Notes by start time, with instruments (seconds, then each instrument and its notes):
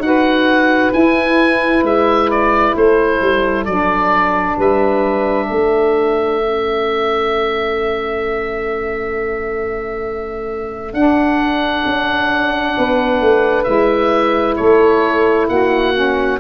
0.00 tuba D#4, saxophone F#4 B4, oboe F#5
0.93 saxophone E4, tuba E4, oboe G#5
1.83 tuba G#3, oboe E5
2.31 oboe D5
2.76 tuba A3, saxophone A4, oboe C5
3.22 tuba G3
3.65 tuba F#3, saxophone D4, oboe D5
4.57 tuba G3, saxophone B4, oboe E5
5.46 tuba A3, saxophone A4
6.41 saxophone C#4
10.94 tuba D4, saxophone D4, oboe F#5
11.86 tuba C#4
12.77 tuba B3, saxophone B4
13.21 tuba A3
13.64 tuba G#3, saxophone E4, oboe E5
14.56 tuba A3, saxophone A4, oboe C#5
15.49 tuba A#3, saxophone F#4, oboe F#5
15.94 saxophone C#4